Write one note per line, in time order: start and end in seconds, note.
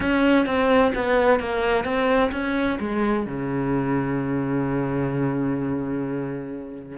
0.00 0.45 C#4
0.45 0.92 C4
0.94 1.39 B3
1.39 1.84 A#3
1.84 2.30 C4
2.31 2.78 C#4
2.79 3.26 G#3
3.26 6.98 C#3